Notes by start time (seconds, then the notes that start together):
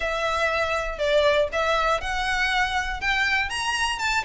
0.00 E5
0.98 D5
1.52 E5
2.00 F#5
3.00 G5
3.49 A#5
3.99 A5